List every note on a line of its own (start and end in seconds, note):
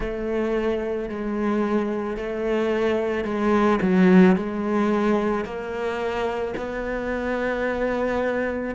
0.00 1.09 A3
1.09 2.16 G#3
2.16 3.24 A3
3.24 3.79 G#3
3.81 4.36 F#3
4.36 5.44 G#3
5.44 6.54 A#3
6.57 8.74 B3